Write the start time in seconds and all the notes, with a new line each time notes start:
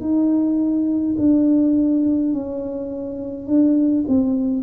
0.00 D#4
1.17 D4
2.33 C#4
3.47 D4
4.08 C4